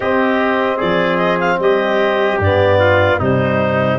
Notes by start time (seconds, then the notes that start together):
0.00 C4 G4 D#5
0.76 F3 G#4 D5
1.17 D#5
1.40 F5
1.59 G3 G4 D#5
2.39 G2 B3 D5
2.79 F4
3.19 C3 G3 D#4 C5